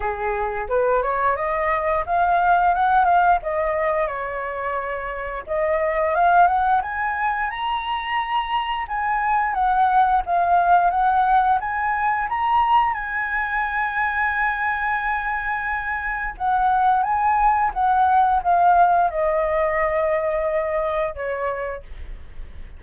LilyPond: \new Staff \with { instrumentName = "flute" } { \time 4/4 \tempo 4 = 88 gis'4 b'8 cis''8 dis''4 f''4 | fis''8 f''8 dis''4 cis''2 | dis''4 f''8 fis''8 gis''4 ais''4~ | ais''4 gis''4 fis''4 f''4 |
fis''4 gis''4 ais''4 gis''4~ | gis''1 | fis''4 gis''4 fis''4 f''4 | dis''2. cis''4 | }